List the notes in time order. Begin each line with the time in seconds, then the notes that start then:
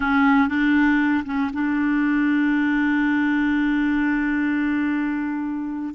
0.00 C#4
0.48 D4
1.25 C#4
1.53 D4